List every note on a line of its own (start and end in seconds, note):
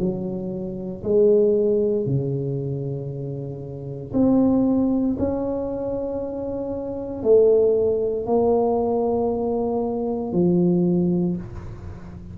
0.00 1.03 F#3
1.03 2.06 G#3
2.06 4.13 C#3
4.13 5.17 C4
5.19 7.23 C#4
7.23 8.26 A3
8.26 10.33 A#3
10.33 11.36 F3